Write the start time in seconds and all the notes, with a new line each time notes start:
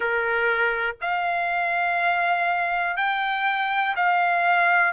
0.00 A#4
1.01 F5
2.96 G5
3.96 F5